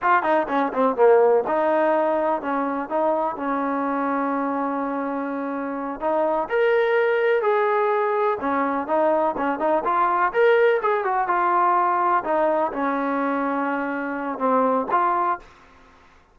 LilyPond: \new Staff \with { instrumentName = "trombone" } { \time 4/4 \tempo 4 = 125 f'8 dis'8 cis'8 c'8 ais4 dis'4~ | dis'4 cis'4 dis'4 cis'4~ | cis'1~ | cis'8 dis'4 ais'2 gis'8~ |
gis'4. cis'4 dis'4 cis'8 | dis'8 f'4 ais'4 gis'8 fis'8 f'8~ | f'4. dis'4 cis'4.~ | cis'2 c'4 f'4 | }